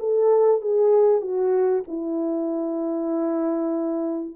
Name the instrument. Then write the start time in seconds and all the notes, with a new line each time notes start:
horn
0.00 A4
0.61 G#4
1.22 F#4
1.88 E4